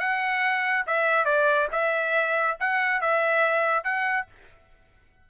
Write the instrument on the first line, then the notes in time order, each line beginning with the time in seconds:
trumpet
0.00 F#5
0.86 E5
1.25 D5
1.72 E5
2.60 F#5
3.01 E5
3.84 F#5